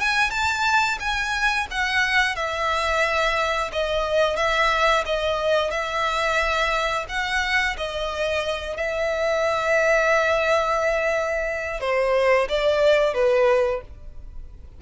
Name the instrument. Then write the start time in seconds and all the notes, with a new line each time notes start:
violin
0.00 G#5
0.31 A5
1.00 G#5
1.71 F#5
2.36 E5
3.72 D#5
4.36 E5
5.06 D#5
5.71 E5
7.09 F#5
7.77 D#5
8.77 E5
11.81 C5
12.49 D5
13.14 B4